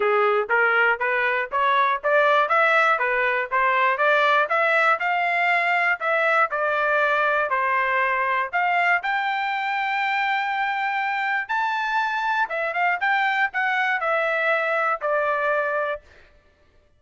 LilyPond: \new Staff \with { instrumentName = "trumpet" } { \time 4/4 \tempo 4 = 120 gis'4 ais'4 b'4 cis''4 | d''4 e''4 b'4 c''4 | d''4 e''4 f''2 | e''4 d''2 c''4~ |
c''4 f''4 g''2~ | g''2. a''4~ | a''4 e''8 f''8 g''4 fis''4 | e''2 d''2 | }